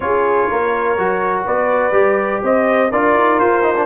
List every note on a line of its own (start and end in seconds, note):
0.00 0.48 C#4
0.00 0.97 F4
0.00 0.49 G#4
0.00 1.43 C#5
0.49 0.98 A#3
0.49 1.45 A#4
0.97 1.46 F#3
0.97 1.92 F#4
1.45 1.91 B3
1.45 2.42 B4
1.45 2.43 D5
1.91 2.40 G3
1.91 2.89 G4
2.42 2.91 C4
2.42 2.91 C5
2.42 2.91 D#5
2.91 3.14 D4
2.91 3.62 F4
2.91 3.86 A#4
2.91 3.39 D5
3.14 3.38 D#4
3.39 3.86 F4
3.39 3.86 C5
3.62 3.74 D#4
3.75 3.86 D4